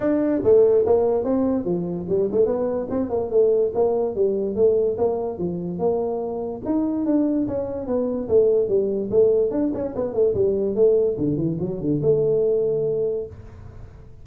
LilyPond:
\new Staff \with { instrumentName = "tuba" } { \time 4/4 \tempo 4 = 145 d'4 a4 ais4 c'4 | f4 g8 a8 b4 c'8 ais8 | a4 ais4 g4 a4 | ais4 f4 ais2 |
dis'4 d'4 cis'4 b4 | a4 g4 a4 d'8 cis'8 | b8 a8 g4 a4 d8 e8 | fis8 d8 a2. | }